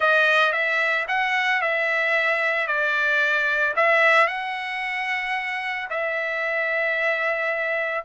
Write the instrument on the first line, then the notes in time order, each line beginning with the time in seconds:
trumpet
0.00 D#5
0.52 E5
1.07 F#5
1.61 E5
2.67 D5
3.76 E5
4.27 F#5
5.90 E5